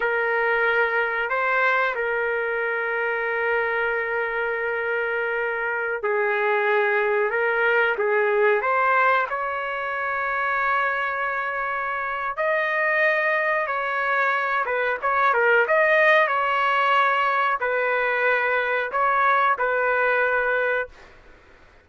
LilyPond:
\new Staff \with { instrumentName = "trumpet" } { \time 4/4 \tempo 4 = 92 ais'2 c''4 ais'4~ | ais'1~ | ais'4~ ais'16 gis'2 ais'8.~ | ais'16 gis'4 c''4 cis''4.~ cis''16~ |
cis''2. dis''4~ | dis''4 cis''4. b'8 cis''8 ais'8 | dis''4 cis''2 b'4~ | b'4 cis''4 b'2 | }